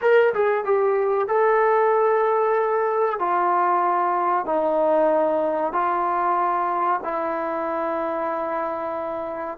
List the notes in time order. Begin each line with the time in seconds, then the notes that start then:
0.01 A#4
0.34 G#4
0.64 G4
1.28 A4
3.19 F4
4.45 D#4
5.72 F4
7.03 E4